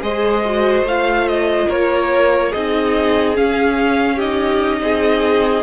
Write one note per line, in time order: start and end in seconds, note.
0.00 0.82 G#3
0.00 0.42 G#4
0.00 1.67 C5
0.00 0.86 D#5
0.45 0.87 F#4
0.82 1.65 A3
0.82 2.53 F4
0.82 1.28 F5
1.28 1.70 D#5
1.67 2.53 A#3
1.67 2.50 A#4
1.67 2.52 C#5
2.50 3.38 C4
2.50 3.35 D#4
2.50 4.15 G#4
2.50 3.35 D#5
3.35 4.19 C#4
3.35 4.81 C#4
3.35 4.19 F5
4.15 5.63 D#4
4.15 4.78 G4
4.15 5.63 D#5
4.81 5.63 C4
4.81 5.63 G#4